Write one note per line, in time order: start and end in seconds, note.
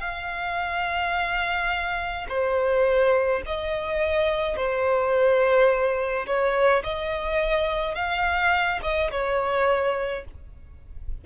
0.00 2.26 F5
2.29 3.42 C5
3.46 4.56 D#5
4.56 6.26 C5
6.26 6.83 C#5
6.83 7.95 D#5
7.95 8.80 F5
8.83 9.11 D#5
9.11 10.25 C#5